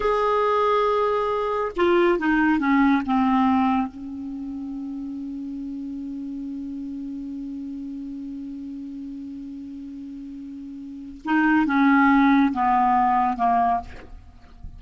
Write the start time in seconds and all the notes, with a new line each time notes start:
0.00 G#4
1.76 F4
2.19 D#4
2.59 C#4
3.05 C4
3.87 C#4
11.24 D#4
11.66 C#4
12.52 B3
13.37 A#3